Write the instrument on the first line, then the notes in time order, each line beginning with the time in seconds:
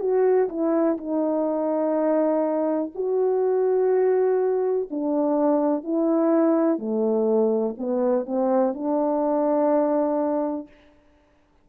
horn
0.00 F#4
0.49 E4
0.98 D#4
2.95 F#4
4.90 D4
5.84 E4
6.78 A3
7.78 B3
8.26 C4
8.74 D4